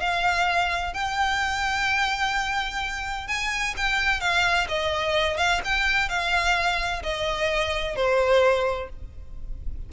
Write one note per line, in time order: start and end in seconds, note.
0.00 0.94 F5
0.94 3.27 G5
3.27 3.74 G#5
3.77 4.20 G5
4.20 4.67 F5
4.68 5.37 D#5
5.37 5.61 F5
5.64 6.09 G5
6.09 7.02 F5
7.03 7.95 D#5
7.95 8.89 C5